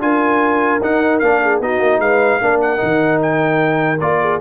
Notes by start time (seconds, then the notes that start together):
0.00 D4 F4 A#4 G#5
0.81 D#4 F#5
1.19 A#3 D4 F5
1.42 G#4
1.60 B3 D#4 F#4 D#5
1.80 A#3
1.99 G#3 B4 F5
2.41 A#3 D4 A#4
2.61 F#5
2.77 D#3 D#4
3.22 G5
4.00 A#3 F4 D5
4.21 G#4